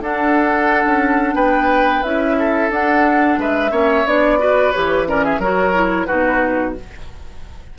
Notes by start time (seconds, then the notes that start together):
0.00 D4 A4 F#5
0.85 C#4
1.34 B3 B4 G5
2.02 C#4 E4 E5
2.38 A4
2.70 D4 F#5
3.37 G#3 B4 E5
3.71 A#3 C#4 C#5
4.05 B3 D4 D5
4.38 F#4 B4
4.71 E3 G4 C#5
5.06 C#4 A#4 D5
5.24 G#4 E5
5.38 F#3 F#4 A#4 C#5
5.73 E4
6.05 B2 D#4 F#4 B4